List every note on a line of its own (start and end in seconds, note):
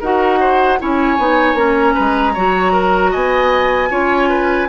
0.00 0.79 D#4
0.00 0.79 F#4
0.00 0.39 A#4
0.00 0.80 F#5
0.40 0.79 C5
0.79 1.18 C#4
0.79 1.18 E4
0.79 1.94 C#5
0.79 1.58 G#5
1.18 1.54 B3
1.18 1.56 D#4
1.54 1.93 A#3
1.54 2.34 C#4
1.54 3.13 A#5
1.94 2.36 G#3
1.94 2.33 B4
2.34 3.14 F#3
2.34 3.90 F#4
2.34 2.72 C#5
2.72 3.11 A#4
3.11 3.91 B3
3.11 3.89 D#5
3.11 4.69 G#5
3.90 4.69 C#4
3.90 4.68 F4
3.90 4.29 C#5
4.29 4.68 B4